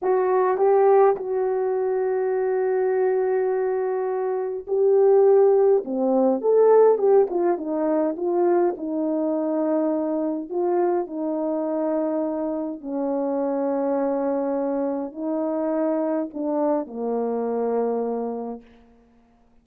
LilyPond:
\new Staff \with { instrumentName = "horn" } { \time 4/4 \tempo 4 = 103 fis'4 g'4 fis'2~ | fis'1 | g'2 c'4 a'4 | g'8 f'8 dis'4 f'4 dis'4~ |
dis'2 f'4 dis'4~ | dis'2 cis'2~ | cis'2 dis'2 | d'4 ais2. | }